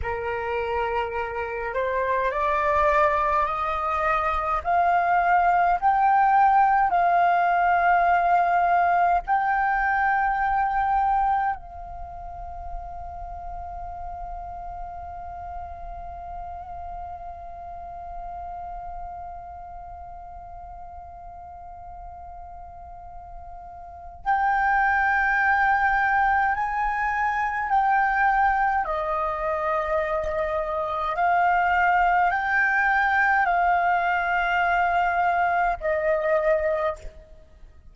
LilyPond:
\new Staff \with { instrumentName = "flute" } { \time 4/4 \tempo 4 = 52 ais'4. c''8 d''4 dis''4 | f''4 g''4 f''2 | g''2 f''2~ | f''1~ |
f''1~ | f''4 g''2 gis''4 | g''4 dis''2 f''4 | g''4 f''2 dis''4 | }